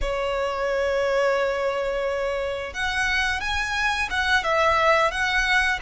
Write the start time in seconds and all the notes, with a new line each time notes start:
0.01 C#5
2.73 F#5
3.40 G#5
4.10 F#5
4.43 E5
5.11 F#5